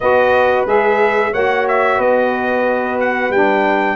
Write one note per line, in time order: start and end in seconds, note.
0.00 0.65 B3
0.00 0.66 F#4
0.00 1.32 B4
0.00 0.65 D#5
0.65 1.31 G#3
0.65 1.32 G#4
0.65 1.33 E5
1.32 1.98 A#3
1.32 3.31 F#4
1.32 1.97 C#5
1.32 1.66 F#5
1.68 2.00 E5
1.97 3.29 B3
1.97 3.95 B4
1.97 2.99 D#5
3.00 3.31 F#5
3.29 3.95 G3
3.29 3.95 D4
3.29 3.95 G5